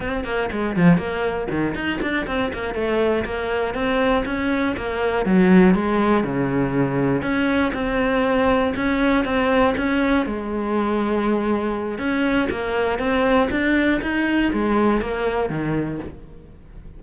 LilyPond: \new Staff \with { instrumentName = "cello" } { \time 4/4 \tempo 4 = 120 c'8 ais8 gis8 f8 ais4 dis8 dis'8 | d'8 c'8 ais8 a4 ais4 c'8~ | c'8 cis'4 ais4 fis4 gis8~ | gis8 cis2 cis'4 c'8~ |
c'4. cis'4 c'4 cis'8~ | cis'8 gis2.~ gis8 | cis'4 ais4 c'4 d'4 | dis'4 gis4 ais4 dis4 | }